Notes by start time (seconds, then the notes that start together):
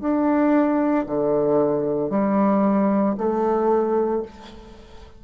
0.00 D4
1.06 D3
2.10 G3
3.17 A3